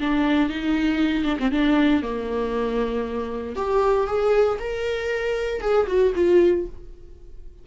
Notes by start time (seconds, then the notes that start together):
0.00 D4
0.49 D#4
1.24 D4
1.39 C4
1.52 D4
2.03 A#3
3.56 G4
4.07 G#4
4.59 A#4
5.61 G#4
5.87 F#4
6.15 F4